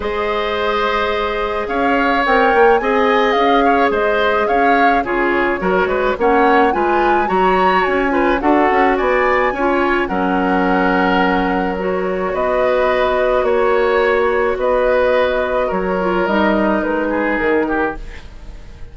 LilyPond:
<<
  \new Staff \with { instrumentName = "flute" } { \time 4/4 \tempo 4 = 107 dis''2. f''4 | g''4 gis''4 f''4 dis''4 | f''4 cis''2 fis''4 | gis''4 ais''4 gis''4 fis''4 |
gis''2 fis''2~ | fis''4 cis''4 dis''2 | cis''2 dis''2 | cis''4 dis''4 b'4 ais'4 | }
  \new Staff \with { instrumentName = "oboe" } { \time 4/4 c''2. cis''4~ | cis''4 dis''4. cis''8 c''4 | cis''4 gis'4 ais'8 b'8 cis''4 | b'4 cis''4. b'8 a'4 |
d''4 cis''4 ais'2~ | ais'2 b'2 | cis''2 b'2 | ais'2~ ais'8 gis'4 g'8 | }
  \new Staff \with { instrumentName = "clarinet" } { \time 4/4 gis'1 | ais'4 gis'2.~ | gis'4 f'4 fis'4 cis'4 | f'4 fis'4. f'8 fis'4~ |
fis'4 f'4 cis'2~ | cis'4 fis'2.~ | fis'1~ | fis'8 f'8 dis'2. | }
  \new Staff \with { instrumentName = "bassoon" } { \time 4/4 gis2. cis'4 | c'8 ais8 c'4 cis'4 gis4 | cis'4 cis4 fis8 gis8 ais4 | gis4 fis4 cis'4 d'8 cis'8 |
b4 cis'4 fis2~ | fis2 b2 | ais2 b2 | fis4 g4 gis4 dis4 | }
>>